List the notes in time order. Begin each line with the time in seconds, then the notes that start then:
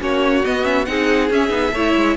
0.00 A#3 C#4 F#4 C#5
0.45 B3 D#5
0.63 C#4 E5
0.85 C4 D#4 G#4 F#5
1.30 C#4 E5
1.49 B3 D#4
1.73 A3 E4 C#5
1.96 G#3